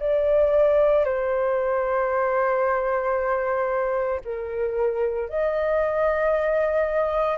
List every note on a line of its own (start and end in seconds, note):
0.00 1.05 D5
1.05 4.21 C5
4.24 5.30 A#4
5.30 7.38 D#5